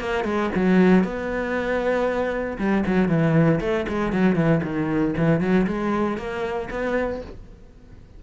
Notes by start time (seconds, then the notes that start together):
0.00 A#3
0.24 G#3
0.55 F#3
1.04 B3
2.58 G3
2.86 F#3
3.08 E3
3.60 A3
3.88 G#3
4.13 F#3
4.35 E3
4.63 D#3
5.17 E3
5.41 F#3
5.67 G#3
6.18 A#3
6.70 B3